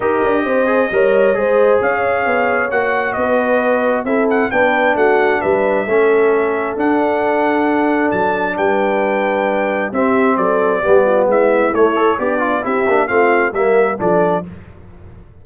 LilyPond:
<<
  \new Staff \with { instrumentName = "trumpet" } { \time 4/4 \tempo 4 = 133 dis''1 | f''2 fis''4 dis''4~ | dis''4 e''8 fis''8 g''4 fis''4 | e''2. fis''4~ |
fis''2 a''4 g''4~ | g''2 e''4 d''4~ | d''4 e''4 cis''4 d''4 | e''4 f''4 e''4 d''4 | }
  \new Staff \with { instrumentName = "horn" } { \time 4/4 ais'4 c''4 cis''4 c''4 | cis''2. b'4~ | b'4 a'4 b'4 fis'4 | b'4 a'2.~ |
a'2. b'4~ | b'2 g'4 a'4 | g'8 f'8 e'2 d'4 | g'4 f'4 ais'4 a'4 | }
  \new Staff \with { instrumentName = "trombone" } { \time 4/4 g'4. gis'8 ais'4 gis'4~ | gis'2 fis'2~ | fis'4 e'4 d'2~ | d'4 cis'2 d'4~ |
d'1~ | d'2 c'2 | b2 a8 a'8 g'8 f'8 | e'8 d'8 c'4 ais4 d'4 | }
  \new Staff \with { instrumentName = "tuba" } { \time 4/4 dis'8 d'8 c'4 g4 gis4 | cis'4 b4 ais4 b4~ | b4 c'4 b4 a4 | g4 a2 d'4~ |
d'2 fis4 g4~ | g2 c'4 fis4 | g4 gis4 a4 b4 | c'8 ais8 a4 g4 f4 | }
>>